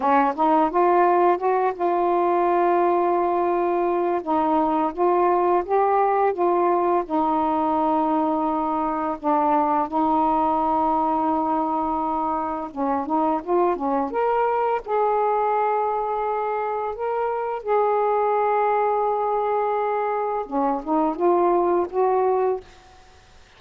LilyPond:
\new Staff \with { instrumentName = "saxophone" } { \time 4/4 \tempo 4 = 85 cis'8 dis'8 f'4 fis'8 f'4.~ | f'2 dis'4 f'4 | g'4 f'4 dis'2~ | dis'4 d'4 dis'2~ |
dis'2 cis'8 dis'8 f'8 cis'8 | ais'4 gis'2. | ais'4 gis'2.~ | gis'4 cis'8 dis'8 f'4 fis'4 | }